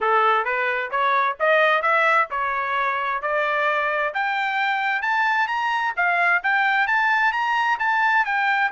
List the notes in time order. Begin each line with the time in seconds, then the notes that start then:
0.00 A4
0.44 B4
0.90 C#5
1.39 D#5
1.82 E5
2.30 C#5
3.22 D5
4.14 G5
5.02 A5
5.47 A#5
5.96 F5
6.43 G5
6.87 A5
7.32 A#5
7.79 A5
8.25 G5